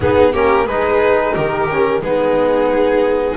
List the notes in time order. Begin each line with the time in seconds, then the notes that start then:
0.00 B3 D#4 G#4
0.33 A#3 C#4 G4 A#4
0.66 G#3 D#4 G#4 B4
1.34 D#3 G4 A#4
1.70 C#4
2.01 G#3 B3 D#4 G#4